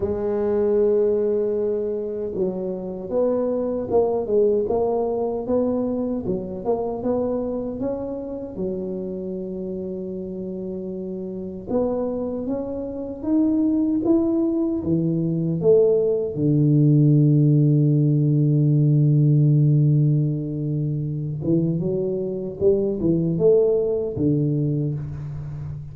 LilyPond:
\new Staff \with { instrumentName = "tuba" } { \time 4/4 \tempo 4 = 77 gis2. fis4 | b4 ais8 gis8 ais4 b4 | fis8 ais8 b4 cis'4 fis4~ | fis2. b4 |
cis'4 dis'4 e'4 e4 | a4 d2.~ | d2.~ d8 e8 | fis4 g8 e8 a4 d4 | }